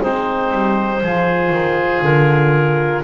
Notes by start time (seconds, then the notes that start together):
0.00 G#3 C4 D#4 C5
0.52 G3
1.02 F3 F4 G#4
1.50 D#3
2.02 D3 A#4